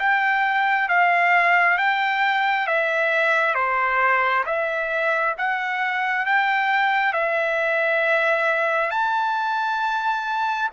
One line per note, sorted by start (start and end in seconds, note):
0.00 0.89 G5
0.89 1.78 F5
1.78 2.67 G5
2.67 3.55 E5
3.55 4.45 C5
4.47 5.36 E5
5.38 6.26 F#5
6.26 7.14 G5
7.14 8.91 E5
8.91 10.70 A5